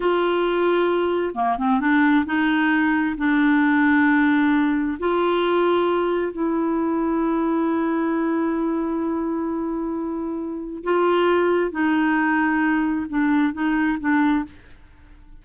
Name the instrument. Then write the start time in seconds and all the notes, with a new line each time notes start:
clarinet
0.00 F4
1.35 A#3
1.58 C4
1.80 D4
2.25 D#4
3.17 D4
4.99 F4
6.32 E4
10.83 F4
11.71 D#4
13.09 D4
13.53 D#4
14.00 D4